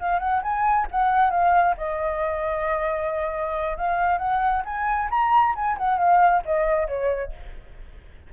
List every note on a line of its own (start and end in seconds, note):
0.00 0.20 F5
0.20 0.42 F#5
0.43 0.87 G#5
0.92 1.31 F#5
1.31 1.76 F5
1.78 3.78 D#5
3.78 4.19 F5
4.19 4.63 F#5
4.65 5.10 G#5
5.11 5.55 A#5
5.56 5.78 G#5
5.78 5.99 F#5
5.99 6.43 F5
6.46 6.88 D#5
6.88 7.33 C#5